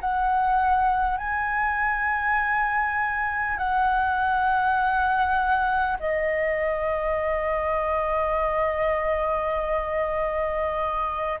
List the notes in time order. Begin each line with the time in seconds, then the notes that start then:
0.00 F#5
1.17 G#5
3.57 F#5
5.99 D#5